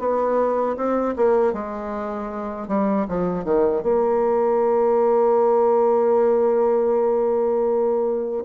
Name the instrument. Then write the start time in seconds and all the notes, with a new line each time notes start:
bassoon
0.00 B3
0.77 C4
1.17 A#3
1.53 G#3
2.69 G3
3.08 F3
3.45 D#3
3.83 A#3